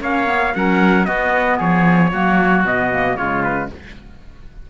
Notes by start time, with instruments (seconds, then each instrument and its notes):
0.00 cello A#3, clarinet C#4, oboe C#5, trumpet F5
0.25 clarinet B3
0.54 cello F#3, clarinet C#4, oboe A#4, trumpet F#5
1.04 clarinet B3, cello B3, oboe F#4, trumpet D#5
1.57 cello F3, oboe G#4, trumpet C#5
2.11 cello F#3, clarinet A#3, oboe F#4
2.64 cello B2, clarinet B3, trumpet D#5
2.91 clarinet A#3
3.16 cello C#3, clarinet G#3, oboe F4, trumpet C#5
3.43 trumpet B4